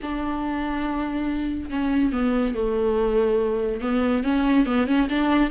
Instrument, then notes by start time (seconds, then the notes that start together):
viola
0.02 D4
1.70 C#4
2.12 B3
2.54 A3
3.81 B3
4.23 C#4
4.66 B3
4.86 C#4
5.09 D4